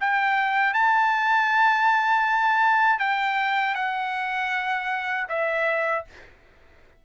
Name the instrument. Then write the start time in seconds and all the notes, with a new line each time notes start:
trumpet
0.00 G5
0.74 A5
2.99 G5
3.75 F#5
5.29 E5